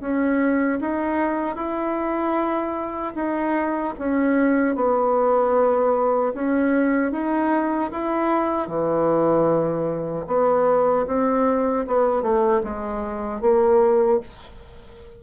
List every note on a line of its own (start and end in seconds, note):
0.00 0.79 C#4
0.80 1.55 D#4
1.55 3.13 E4
3.14 3.93 D#4
3.98 4.75 C#4
4.75 6.33 B3
6.33 7.11 C#4
7.11 7.90 D#4
7.91 8.68 E4
8.68 10.26 E3
10.27 11.06 B3
11.06 11.85 C4
11.87 12.22 B3
12.22 12.61 A3
12.63 13.41 G#3
13.41 14.20 A#3